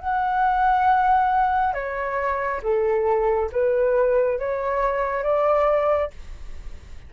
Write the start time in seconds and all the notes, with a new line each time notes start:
0.00 F#5
1.74 C#5
2.64 A4
3.53 B4
4.40 C#5
5.24 D5